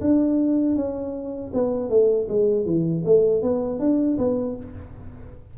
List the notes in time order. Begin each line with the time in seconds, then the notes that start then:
0.00 D4
0.75 C#4
1.53 B3
1.89 A3
2.28 G#3
2.65 E3
3.04 A3
3.42 B3
3.79 D4
4.17 B3